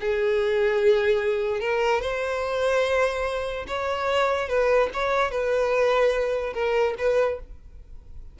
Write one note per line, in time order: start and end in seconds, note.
0.00 1.60 G#4
1.60 2.01 A#4
2.01 3.66 C5
3.67 4.48 C#5
4.48 4.89 B4
4.93 5.31 C#5
5.31 6.53 B4
6.53 6.95 A#4
6.98 7.39 B4